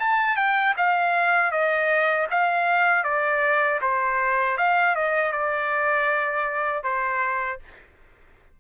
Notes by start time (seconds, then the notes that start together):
0.00 A5
0.37 G5
0.77 F5
1.52 D#5
2.31 F5
3.04 D5
3.82 C5
4.58 F5
4.96 D#5
5.32 D5
6.84 C5